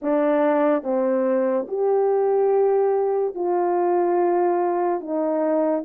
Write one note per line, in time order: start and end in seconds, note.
0.02 0.83 D4
0.83 1.66 C4
1.68 3.34 G4
3.34 5.00 F4
5.00 5.83 D#4